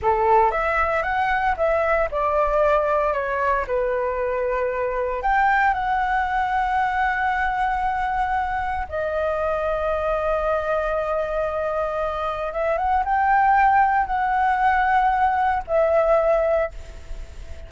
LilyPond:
\new Staff \with { instrumentName = "flute" } { \time 4/4 \tempo 4 = 115 a'4 e''4 fis''4 e''4 | d''2 cis''4 b'4~ | b'2 g''4 fis''4~ | fis''1~ |
fis''4 dis''2.~ | dis''1 | e''8 fis''8 g''2 fis''4~ | fis''2 e''2 | }